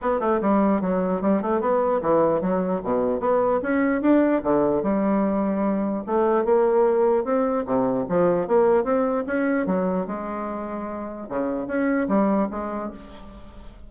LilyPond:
\new Staff \with { instrumentName = "bassoon" } { \time 4/4 \tempo 4 = 149 b8 a8 g4 fis4 g8 a8 | b4 e4 fis4 b,4 | b4 cis'4 d'4 d4 | g2. a4 |
ais2 c'4 c4 | f4 ais4 c'4 cis'4 | fis4 gis2. | cis4 cis'4 g4 gis4 | }